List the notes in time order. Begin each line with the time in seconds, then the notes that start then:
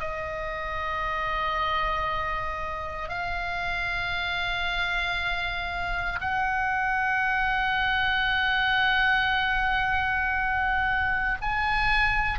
0.00 D#5
3.09 F5
6.21 F#5
11.42 G#5